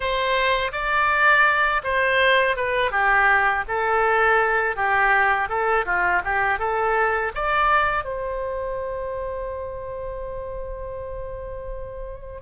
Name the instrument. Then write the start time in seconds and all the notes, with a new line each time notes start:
oboe
0.00 C5
0.72 D5
1.83 C5
2.56 B4
2.91 G4
3.68 A4
4.76 G4
5.48 A4
5.85 F4
6.24 G4
6.58 A4
7.34 D5
8.04 C5